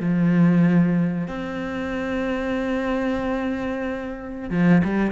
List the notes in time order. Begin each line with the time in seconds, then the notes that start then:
0.00 F3
1.28 C4
4.50 F3
4.84 G3